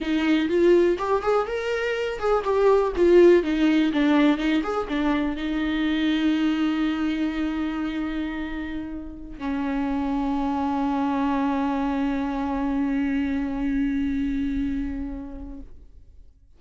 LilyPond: \new Staff \with { instrumentName = "viola" } { \time 4/4 \tempo 4 = 123 dis'4 f'4 g'8 gis'8 ais'4~ | ais'8 gis'8 g'4 f'4 dis'4 | d'4 dis'8 gis'8 d'4 dis'4~ | dis'1~ |
dis'2.~ dis'16 cis'8.~ | cis'1~ | cis'1~ | cis'1 | }